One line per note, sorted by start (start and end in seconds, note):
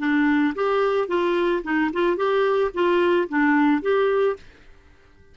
0.00 0.55 D4
0.56 1.09 G4
1.09 1.63 F4
1.64 1.91 D#4
1.94 2.17 F4
2.17 2.72 G4
2.74 3.29 F4
3.30 3.82 D4
3.82 4.37 G4